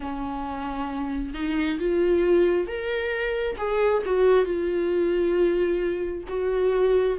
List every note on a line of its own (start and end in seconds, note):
0.00 1.34 C#4
1.34 1.79 D#4
1.79 2.67 F4
2.67 3.56 A#4
3.57 4.02 G#4
4.05 4.44 F#4
4.44 6.23 F4
6.28 7.18 F#4